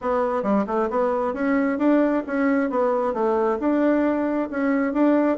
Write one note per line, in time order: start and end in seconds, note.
0.01 0.43 B3
0.43 0.65 G3
0.66 0.89 A3
0.90 1.33 B3
1.33 1.78 C#4
1.78 2.23 D4
2.26 2.70 C#4
2.70 3.13 B3
3.13 3.58 A3
3.59 4.49 D4
4.50 4.93 C#4
4.93 5.37 D4